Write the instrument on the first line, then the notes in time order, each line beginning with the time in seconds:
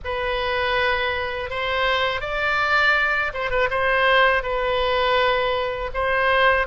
oboe
0.04 B4
1.49 C5
2.20 D5
3.33 C5
3.50 B4
3.70 C5
4.42 B4
5.94 C5